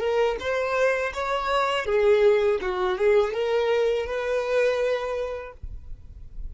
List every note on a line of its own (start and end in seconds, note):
0.00 0.37 A#4
0.40 1.13 C5
1.14 1.86 C#5
1.86 2.59 G#4
2.61 2.98 F#4
2.98 3.33 G#4
3.33 4.06 A#4
4.06 5.52 B4